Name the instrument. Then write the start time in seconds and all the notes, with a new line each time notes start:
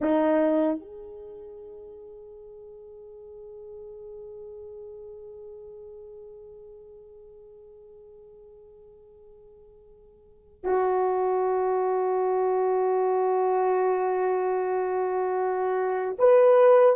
horn
0.01 D#4
0.79 G#4
10.64 F#4
16.18 B4